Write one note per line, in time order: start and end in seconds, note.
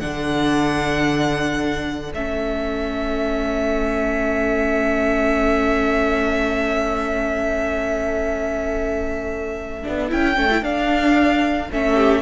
0.00 2.14 D3
0.00 2.13 D4
0.00 11.94 A4
0.00 2.12 F#5
2.14 9.84 A3
2.14 9.83 C#4
2.14 10.11 E5
9.83 10.12 B3
9.83 10.09 D4
10.09 10.38 C#4
10.09 10.35 E4
10.09 10.64 G5
10.35 10.62 A3
10.35 10.48 C#4
10.51 10.63 E4
10.62 11.68 D4
10.62 11.69 D4
10.62 11.70 F5
11.72 12.22 A3
11.72 12.22 C#4
11.72 12.22 E5
11.94 12.21 G4